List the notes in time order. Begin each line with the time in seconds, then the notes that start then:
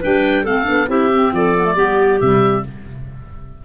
0.00 G3 D4 B4 G5
0.43 A3 C4 A4 F5
0.64 B3 D4
0.87 C4 E4 G4 E5
1.13 C4
1.32 F3 A4 D5
1.57 B3
1.64 A3
1.75 G3 B3 G4
2.20 C3 G3 E5